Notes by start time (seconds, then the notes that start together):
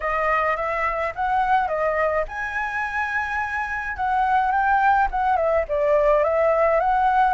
0.00 D#5
0.56 E5
1.15 F#5
1.67 D#5
2.28 G#5
3.96 F#5
4.51 G5
5.10 F#5
5.36 E5
5.68 D5
6.23 E5
6.80 F#5